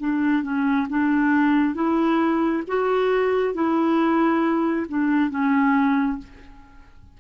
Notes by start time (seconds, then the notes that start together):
0.00 D4
0.43 C#4
0.90 D4
1.75 E4
2.68 F#4
3.55 E4
4.89 D4
5.31 C#4